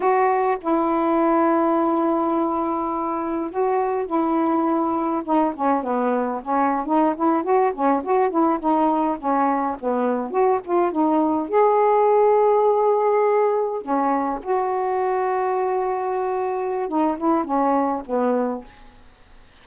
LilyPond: \new Staff \with { instrumentName = "saxophone" } { \time 4/4 \tempo 4 = 103 fis'4 e'2.~ | e'2 fis'4 e'4~ | e'4 dis'8 cis'8 b4 cis'8. dis'16~ | dis'16 e'8 fis'8 cis'8 fis'8 e'8 dis'4 cis'16~ |
cis'8. b4 fis'8 f'8 dis'4 gis'16~ | gis'2.~ gis'8. cis'16~ | cis'8. fis'2.~ fis'16~ | fis'4 dis'8 e'8 cis'4 b4 | }